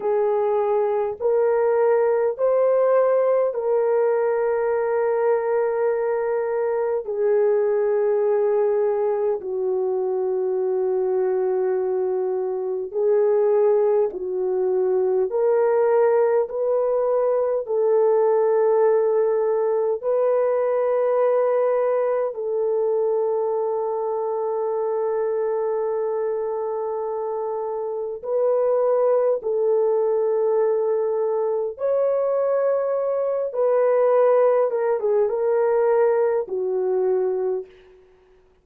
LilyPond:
\new Staff \with { instrumentName = "horn" } { \time 4/4 \tempo 4 = 51 gis'4 ais'4 c''4 ais'4~ | ais'2 gis'2 | fis'2. gis'4 | fis'4 ais'4 b'4 a'4~ |
a'4 b'2 a'4~ | a'1 | b'4 a'2 cis''4~ | cis''8 b'4 ais'16 gis'16 ais'4 fis'4 | }